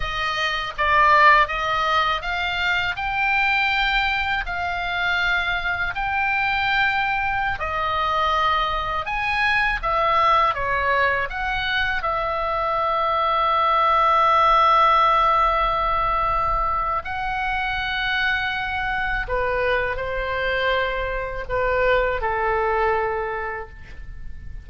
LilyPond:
\new Staff \with { instrumentName = "oboe" } { \time 4/4 \tempo 4 = 81 dis''4 d''4 dis''4 f''4 | g''2 f''2 | g''2~ g''16 dis''4.~ dis''16~ | dis''16 gis''4 e''4 cis''4 fis''8.~ |
fis''16 e''2.~ e''8.~ | e''2. fis''4~ | fis''2 b'4 c''4~ | c''4 b'4 a'2 | }